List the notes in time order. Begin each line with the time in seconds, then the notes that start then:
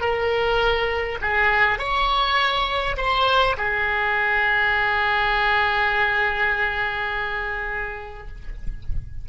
0.00 A#4
1.21 G#4
1.78 C#5
2.97 C5
3.57 G#4